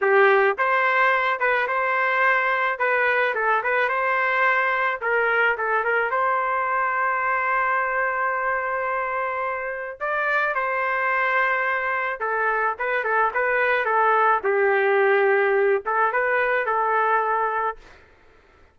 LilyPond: \new Staff \with { instrumentName = "trumpet" } { \time 4/4 \tempo 4 = 108 g'4 c''4. b'8 c''4~ | c''4 b'4 a'8 b'8 c''4~ | c''4 ais'4 a'8 ais'8 c''4~ | c''1~ |
c''2 d''4 c''4~ | c''2 a'4 b'8 a'8 | b'4 a'4 g'2~ | g'8 a'8 b'4 a'2 | }